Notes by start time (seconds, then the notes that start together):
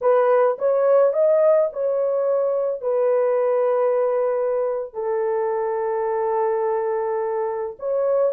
0.01 B4
0.58 C#5
1.13 D#5
1.72 C#5
2.81 B4
4.93 A4
7.79 C#5